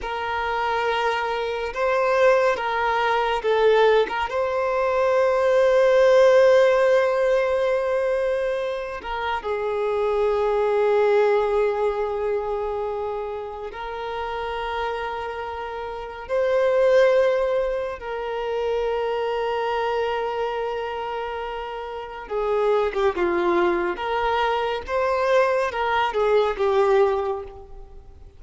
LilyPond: \new Staff \with { instrumentName = "violin" } { \time 4/4 \tempo 4 = 70 ais'2 c''4 ais'4 | a'8. ais'16 c''2.~ | c''2~ c''8 ais'8 gis'4~ | gis'1 |
ais'2. c''4~ | c''4 ais'2.~ | ais'2 gis'8. g'16 f'4 | ais'4 c''4 ais'8 gis'8 g'4 | }